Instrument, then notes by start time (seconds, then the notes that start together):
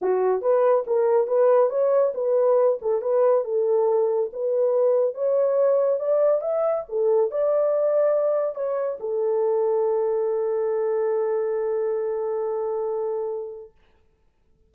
horn
0.01 F#4
0.41 B4
0.86 A#4
1.27 B4
1.69 C#5
2.14 B4
2.81 A4
3.01 B4
3.44 A4
4.32 B4
5.14 C#5
5.99 D5
6.41 E5
6.88 A4
7.31 D5
8.55 C#5
9.00 A4